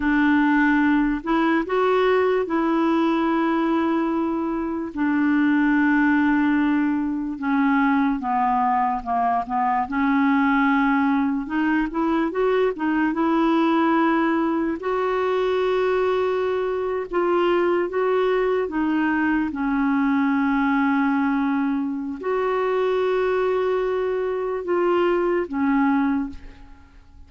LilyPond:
\new Staff \with { instrumentName = "clarinet" } { \time 4/4 \tempo 4 = 73 d'4. e'8 fis'4 e'4~ | e'2 d'2~ | d'4 cis'4 b4 ais8 b8 | cis'2 dis'8 e'8 fis'8 dis'8 |
e'2 fis'2~ | fis'8. f'4 fis'4 dis'4 cis'16~ | cis'2. fis'4~ | fis'2 f'4 cis'4 | }